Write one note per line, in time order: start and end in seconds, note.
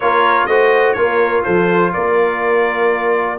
0.00 0.47 A#3
0.00 0.49 F4
0.00 0.48 A#4
0.00 0.46 C#5
0.46 0.96 A3
0.46 0.96 F#4
0.46 0.97 C5
0.46 0.93 D#5
0.93 1.45 A#3
0.93 3.38 F4
0.93 1.44 A#4
0.93 1.41 C#5
1.43 1.95 F3
1.43 1.92 A4
1.43 1.92 C5
1.93 3.38 A#3
1.93 3.38 A#4
1.93 3.38 D5